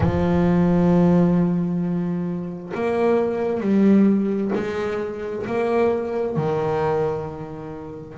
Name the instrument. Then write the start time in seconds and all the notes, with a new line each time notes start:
double bass
0.00 F3
2.74 A#3
3.60 G3
4.55 G#3
5.46 A#3
6.36 D#3